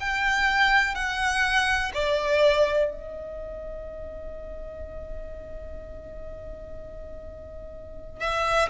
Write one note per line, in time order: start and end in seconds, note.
0.00 0.95 G5
0.95 1.92 F#5
1.94 2.91 D5
2.91 8.20 D#5
8.20 8.69 E5